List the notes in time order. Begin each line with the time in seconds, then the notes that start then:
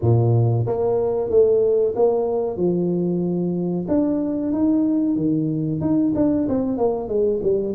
0.01 A#2
0.66 A#3
1.29 A3
1.95 A#3
2.57 F3
3.88 D4
4.52 D#4
5.16 D#3
5.80 D#4
6.15 D4
6.48 C4
6.77 A#3
7.08 G#3
7.42 G3